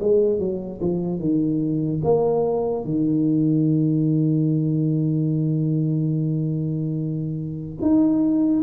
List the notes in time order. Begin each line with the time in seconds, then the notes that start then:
0.00 G#3
0.39 F#3
0.81 F3
1.19 D#3
2.04 A#3
2.84 D#3
7.81 D#4